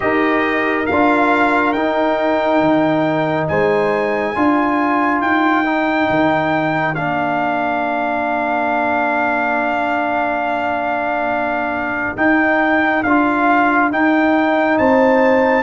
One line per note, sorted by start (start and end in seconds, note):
0.00 0.89 D#4
0.00 0.85 G4
0.00 3.49 A#4
0.00 0.86 D#5
0.86 1.74 D4
0.86 1.75 F4
0.86 1.72 F5
1.72 2.60 D#4
1.72 4.35 D#4
1.72 3.46 G5
2.60 3.47 D#3
3.47 4.36 G#3
3.47 4.34 C5
3.47 5.21 G#5
4.34 5.21 D4
4.34 5.64 F4
4.34 14.77 A#4
5.21 6.08 D#4
5.21 6.94 G5
5.64 6.95 D#4
6.09 6.95 D#3
6.94 12.16 A#3
6.94 12.16 D4
6.94 12.16 F5
12.16 13.03 D#4
12.16 13.03 G5
13.03 13.91 D4
13.03 13.91 F4
13.03 13.90 F5
13.91 14.78 D#4
13.91 15.63 D#4
13.91 14.78 G5
14.78 15.63 C4
14.78 15.63 C5
14.78 15.63 A5